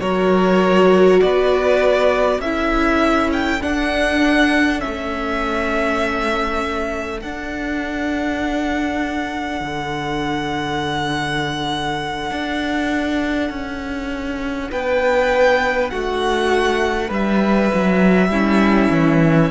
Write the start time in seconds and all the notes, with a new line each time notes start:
0.00 F#3 F#4 A#4 C#5
1.20 B3 B4 D5
2.39 C#4 E4 A4 E5
3.33 G5
3.61 D4 F#5
4.79 C#4 E5
4.85 A3
7.17 D4 F#5
7.23 D4
9.60 D3
12.30 D4
13.50 C#4
14.71 B3 B4 G5
15.90 A3 F#4 F#5
17.07 G3 B4 E5
17.74 F#3
18.28 G3 C#4 E4
18.90 E3